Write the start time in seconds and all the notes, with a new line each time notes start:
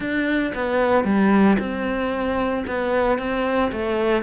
0.00 D4
0.54 B3
1.04 G3
1.59 C4
2.66 B3
3.18 C4
3.72 A3